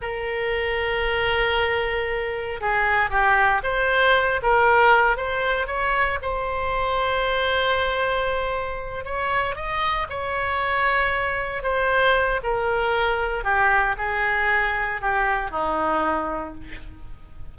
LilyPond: \new Staff \with { instrumentName = "oboe" } { \time 4/4 \tempo 4 = 116 ais'1~ | ais'4 gis'4 g'4 c''4~ | c''8 ais'4. c''4 cis''4 | c''1~ |
c''4. cis''4 dis''4 cis''8~ | cis''2~ cis''8 c''4. | ais'2 g'4 gis'4~ | gis'4 g'4 dis'2 | }